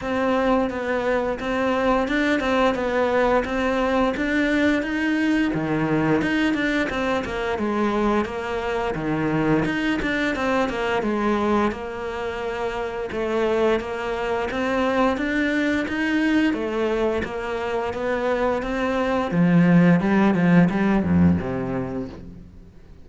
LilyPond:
\new Staff \with { instrumentName = "cello" } { \time 4/4 \tempo 4 = 87 c'4 b4 c'4 d'8 c'8 | b4 c'4 d'4 dis'4 | dis4 dis'8 d'8 c'8 ais8 gis4 | ais4 dis4 dis'8 d'8 c'8 ais8 |
gis4 ais2 a4 | ais4 c'4 d'4 dis'4 | a4 ais4 b4 c'4 | f4 g8 f8 g8 f,8 c4 | }